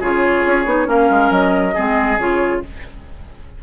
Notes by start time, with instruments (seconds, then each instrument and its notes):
0.00 bassoon C#3, clarinet F4, oboe G#4, flute C#5
0.46 bassoon C#4
0.65 bassoon B3, clarinet D#4
0.86 bassoon A#3, clarinet C#4, oboe A#4, flute F5
1.10 bassoon G#3
1.30 bassoon F#3, flute D#5
1.74 bassoon G#3, clarinet C4, oboe G#4
2.18 bassoon C#3, clarinet F4, flute C#5